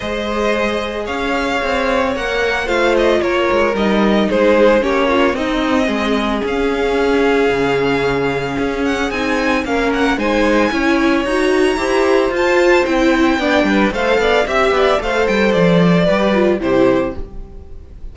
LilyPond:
<<
  \new Staff \with { instrumentName = "violin" } { \time 4/4 \tempo 4 = 112 dis''2 f''2 | fis''4 f''8 dis''8 cis''4 dis''4 | c''4 cis''4 dis''2 | f''1~ |
f''8 fis''8 gis''4 f''8 fis''8 gis''4~ | gis''4 ais''2 a''4 | g''2 f''4 e''4 | f''8 g''8 d''2 c''4 | }
  \new Staff \with { instrumentName = "violin" } { \time 4/4 c''2 cis''2~ | cis''4 c''4 ais'2 | gis'4 g'8 f'8 dis'4 gis'4~ | gis'1~ |
gis'2 ais'4 c''4 | cis''2 c''2~ | c''4 d''8 b'8 c''8 d''8 e''8 d''8 | c''2 b'4 g'4 | }
  \new Staff \with { instrumentName = "viola" } { \time 4/4 gis'1 | ais'4 f'2 dis'4~ | dis'4 cis'4 c'2 | cis'1~ |
cis'4 dis'4 cis'4 dis'4 | e'4 fis'4 g'4 f'4 | e'4 d'4 a'4 g'4 | a'2 g'8 f'8 e'4 | }
  \new Staff \with { instrumentName = "cello" } { \time 4/4 gis2 cis'4 c'4 | ais4 a4 ais8 gis8 g4 | gis4 ais4 c'4 gis4 | cis'2 cis2 |
cis'4 c'4 ais4 gis4 | cis'4 dis'4 e'4 f'4 | c'4 b8 g8 a8 b8 c'8 b8 | a8 g8 f4 g4 c4 | }
>>